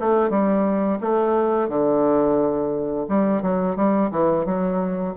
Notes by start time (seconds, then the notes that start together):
0.00 A3
0.30 G3
1.00 A3
1.68 D3
3.09 G3
3.42 F#3
3.76 G3
4.11 E3
4.45 F#3